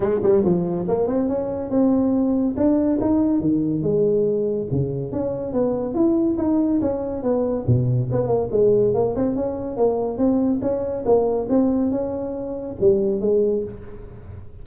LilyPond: \new Staff \with { instrumentName = "tuba" } { \time 4/4 \tempo 4 = 141 gis8 g8 f4 ais8 c'8 cis'4 | c'2 d'4 dis'4 | dis4 gis2 cis4 | cis'4 b4 e'4 dis'4 |
cis'4 b4 b,4 b8 ais8 | gis4 ais8 c'8 cis'4 ais4 | c'4 cis'4 ais4 c'4 | cis'2 g4 gis4 | }